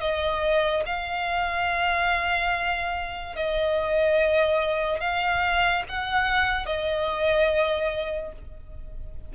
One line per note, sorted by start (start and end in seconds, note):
0.00 0.83 D#5
0.85 3.35 F5
3.35 5.00 D#5
5.00 5.83 F5
5.88 6.66 F#5
6.66 8.32 D#5